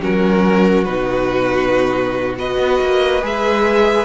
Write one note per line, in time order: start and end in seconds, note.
0.00 0.87 F#3
0.00 0.86 C#4
0.00 2.38 F#4
0.00 0.84 A#4
0.84 2.57 B2
0.84 2.36 D#4
0.84 2.34 B4
2.36 3.22 F#4
2.36 4.05 B4
2.36 3.24 D#5
2.57 2.79 B3
2.81 3.22 A#3
3.22 4.05 G#3
3.22 4.05 G#4
3.22 4.05 E5